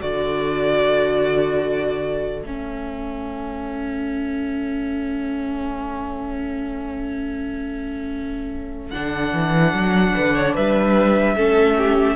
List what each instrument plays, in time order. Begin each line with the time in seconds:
0.00 cello D3, viola F#4, violin A4 D5
2.43 cello A3, viola C#4, violin E5
8.90 cello D3, viola D4, violin F#5
9.33 cello E3
9.73 cello F#3
10.15 cello D3, violin B4
10.35 violin C#5
10.54 cello G3, violin B4 E5
11.35 cello A3, viola C#4, violin A4
11.78 violin G4